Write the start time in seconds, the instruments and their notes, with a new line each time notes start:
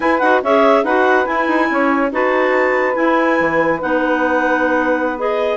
0.00 bassoon E4, clarinet E4 G#5, saxophone B4
0.19 bassoon D#4, clarinet F#4 F#5
0.42 bassoon C#4, clarinet G#4 E5, saxophone C#5
0.83 bassoon D#4, clarinet F#4 F#5, saxophone B4
1.25 clarinet E4 G#5, bassoon E4
1.47 bassoon D#4
1.70 bassoon C#4, saxophone C#5
2.11 bassoon D#4, clarinet F#4 A5, saxophone B4
2.94 clarinet E4 G#5, bassoon E4
3.40 bassoon E3
3.80 bassoon B3, clarinet D#4 F#5
5.17 clarinet G#4 D#5